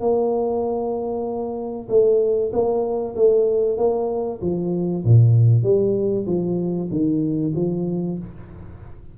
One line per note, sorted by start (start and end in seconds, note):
0.00 1.88 A#3
1.89 2.51 A3
2.53 3.15 A#3
3.15 3.77 A3
3.77 4.40 A#3
4.41 5.04 F3
5.05 5.63 A#2
5.63 6.25 G3
6.26 6.89 F3
6.90 7.53 D#3
7.55 8.18 F3